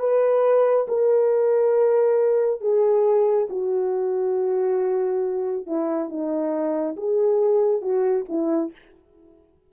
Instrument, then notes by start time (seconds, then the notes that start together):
horn
0.00 B4
0.89 A#4
2.61 G#4
3.50 F#4
5.67 E4
6.10 D#4
6.97 G#4
7.82 F#4
8.29 E4